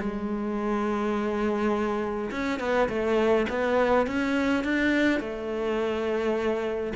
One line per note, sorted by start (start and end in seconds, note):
0.00 2.31 G#3
2.31 2.60 C#4
2.60 2.89 B3
2.89 3.47 A3
3.50 4.07 B3
4.07 4.64 C#4
4.64 5.21 D4
5.21 6.94 A3